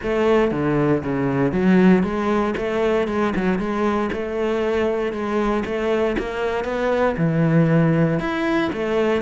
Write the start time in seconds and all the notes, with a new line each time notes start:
0.02 A3
0.51 D3
1.03 C#3
1.52 F#3
2.03 G#3
2.57 A3
3.07 G#3
3.35 F#3
3.58 G#3
4.12 A3
5.12 G#3
5.65 A3
6.18 A#3
6.64 B3
7.17 E3
8.19 E4
8.72 A3